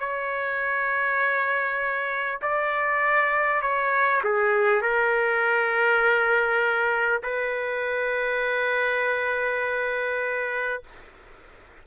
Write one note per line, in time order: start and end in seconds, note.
0.00 2.40 C#5
2.42 3.62 D5
3.62 4.22 C#5
4.24 4.82 G#4
4.82 7.22 A#4
7.24 10.84 B4